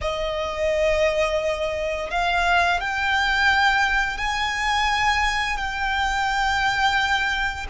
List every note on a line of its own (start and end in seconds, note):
0.01 2.10 D#5
2.10 2.80 F5
2.80 4.17 G5
4.17 5.57 G#5
5.57 7.66 G5